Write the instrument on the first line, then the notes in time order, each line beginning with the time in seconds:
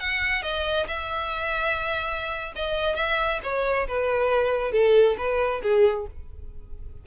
violin
0.00 F#5
0.43 D#5
0.88 E5
2.56 D#5
2.96 E5
3.43 C#5
3.88 B4
4.72 A4
5.18 B4
5.62 G#4